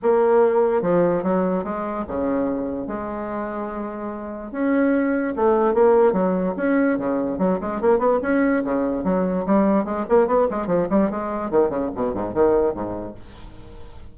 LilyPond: \new Staff \with { instrumentName = "bassoon" } { \time 4/4 \tempo 4 = 146 ais2 f4 fis4 | gis4 cis2 gis4~ | gis2. cis'4~ | cis'4 a4 ais4 fis4 |
cis'4 cis4 fis8 gis8 ais8 b8 | cis'4 cis4 fis4 g4 | gis8 ais8 b8 gis8 f8 g8 gis4 | dis8 cis8 b,8 gis,8 dis4 gis,4 | }